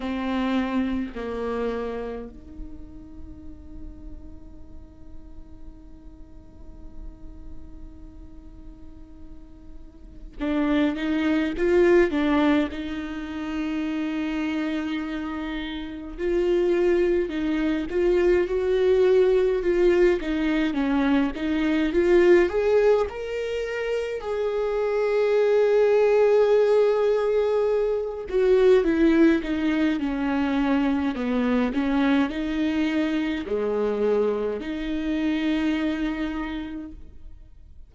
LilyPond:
\new Staff \with { instrumentName = "viola" } { \time 4/4 \tempo 4 = 52 c'4 ais4 dis'2~ | dis'1~ | dis'4 d'8 dis'8 f'8 d'8 dis'4~ | dis'2 f'4 dis'8 f'8 |
fis'4 f'8 dis'8 cis'8 dis'8 f'8 gis'8 | ais'4 gis'2.~ | gis'8 fis'8 e'8 dis'8 cis'4 b8 cis'8 | dis'4 gis4 dis'2 | }